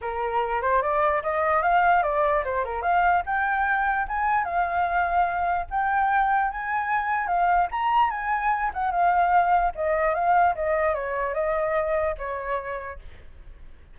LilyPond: \new Staff \with { instrumentName = "flute" } { \time 4/4 \tempo 4 = 148 ais'4. c''8 d''4 dis''4 | f''4 d''4 c''8 ais'8 f''4 | g''2 gis''4 f''4~ | f''2 g''2 |
gis''2 f''4 ais''4 | gis''4. fis''8 f''2 | dis''4 f''4 dis''4 cis''4 | dis''2 cis''2 | }